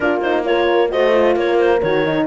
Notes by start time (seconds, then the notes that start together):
0.00 A#3 D4 F4 A#4
0.22 D#4 C5
0.44 F4 A#4 C#5
0.90 A3 F#4 C5 D#5
1.11 F4
1.35 A#3 A#4 C#5
1.59 C5
1.81 D#3 F#4 C#5
2.05 D#4